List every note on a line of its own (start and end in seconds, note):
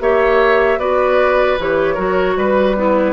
0.00 0.78 A#3
0.00 0.79 G4
0.00 0.79 C#5
0.00 0.79 E5
0.78 1.57 B3
0.78 1.58 F#4
0.78 1.95 B4
0.78 1.58 D5
1.59 1.97 E3
1.59 1.96 G4
1.59 2.37 C#5
1.95 2.36 F#3
1.95 2.75 F#4
1.95 2.34 A#4
2.36 3.13 G3
2.36 3.13 B4
2.36 2.76 B4
2.76 3.13 B3
2.76 3.13 E4